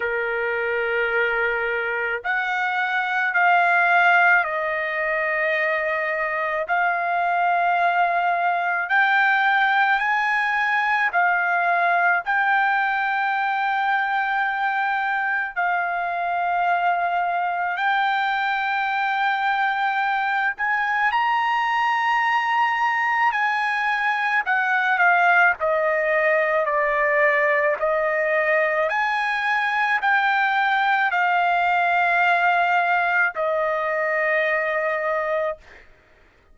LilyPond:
\new Staff \with { instrumentName = "trumpet" } { \time 4/4 \tempo 4 = 54 ais'2 fis''4 f''4 | dis''2 f''2 | g''4 gis''4 f''4 g''4~ | g''2 f''2 |
g''2~ g''8 gis''8 ais''4~ | ais''4 gis''4 fis''8 f''8 dis''4 | d''4 dis''4 gis''4 g''4 | f''2 dis''2 | }